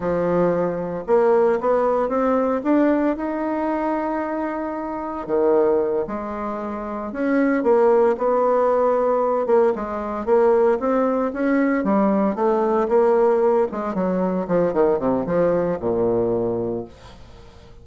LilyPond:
\new Staff \with { instrumentName = "bassoon" } { \time 4/4 \tempo 4 = 114 f2 ais4 b4 | c'4 d'4 dis'2~ | dis'2 dis4. gis8~ | gis4. cis'4 ais4 b8~ |
b2 ais8 gis4 ais8~ | ais8 c'4 cis'4 g4 a8~ | a8 ais4. gis8 fis4 f8 | dis8 c8 f4 ais,2 | }